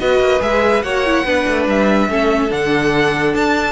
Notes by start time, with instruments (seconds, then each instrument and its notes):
0.00 cello B3, viola F#4, violin B4 D#5
0.20 cello A#3
0.40 cello G#3, viola G#4, violin E5
0.83 cello A#3, viola F#4, violin C#5 F#5
1.06 viola E4
1.25 cello B3, viola D4, violin B4
1.48 cello A3
1.67 cello G3, violin E5
2.09 cello A3, viola C#4, violin A4
2.49 cello D3, viola D4, violin F#5
3.34 cello D4, violin A5